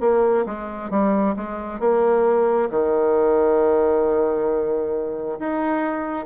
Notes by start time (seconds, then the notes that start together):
0.00 A#3
0.46 G#3
0.90 G3
1.36 G#3
1.80 A#3
2.70 D#3
5.39 D#4